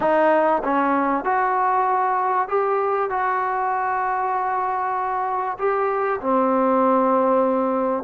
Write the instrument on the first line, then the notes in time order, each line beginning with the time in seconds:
trombone
0.00 D#4
0.63 C#4
1.24 F#4
2.48 G4
3.10 F#4
5.58 G4
6.21 C4